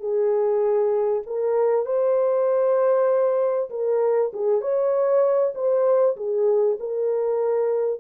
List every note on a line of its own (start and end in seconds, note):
0.00 1.22 G#4
1.26 1.86 A#4
1.86 3.70 C5
3.70 4.31 A#4
4.33 4.61 G#4
4.61 5.53 C#5
5.55 6.16 C5
6.16 6.78 G#4
6.80 8.00 A#4